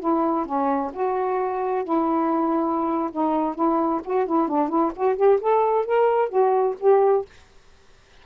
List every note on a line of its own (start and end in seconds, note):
0.00 0.46 E4
0.46 0.92 C#4
0.93 1.84 F#4
1.84 3.10 E4
3.12 3.55 D#4
3.55 4.01 E4
4.04 4.26 F#4
4.26 4.48 E4
4.48 4.69 D4
4.69 4.92 E4
4.96 5.16 F#4
5.16 5.39 G4
5.40 5.85 A4
5.85 6.29 A#4
6.29 6.75 F#4
6.80 7.25 G4